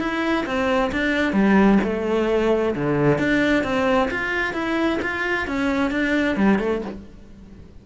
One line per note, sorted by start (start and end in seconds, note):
0.00 0.45 E4
0.46 0.92 C4
0.92 1.33 D4
1.33 1.79 G3
1.84 2.75 A3
2.75 3.19 D3
3.19 3.64 D4
3.64 4.09 C4
4.11 4.54 F4
4.54 4.99 E4
5.02 5.48 F4
5.48 5.91 C#4
5.91 6.37 D4
6.37 6.59 G3
6.59 6.82 A3